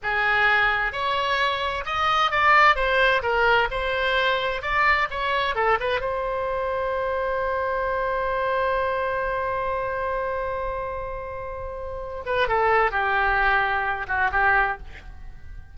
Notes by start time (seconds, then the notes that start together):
0.02 G#4
0.92 C#5
1.85 D#5
2.31 D5
2.75 C5
3.22 A#4
3.70 C5
4.62 D5
5.10 C#5
5.55 A4
5.80 B4
6.00 C5
12.25 B4
12.47 A4
12.91 G4
14.07 F#4
14.31 G4